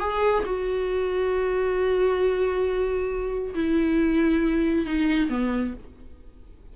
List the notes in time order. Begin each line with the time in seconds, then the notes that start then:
0.00 G#4
0.46 F#4
3.55 E4
4.86 D#4
5.30 B3